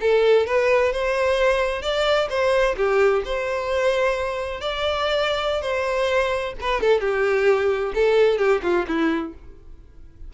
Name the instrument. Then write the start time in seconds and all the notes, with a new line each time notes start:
violin
0.00 A4
0.46 B4
0.92 C5
1.82 D5
2.29 C5
2.76 G4
3.25 C5
4.60 D5
5.61 C5
6.60 B4
6.80 A4
7.00 G4
7.94 A4
8.38 G4
8.62 F4
8.87 E4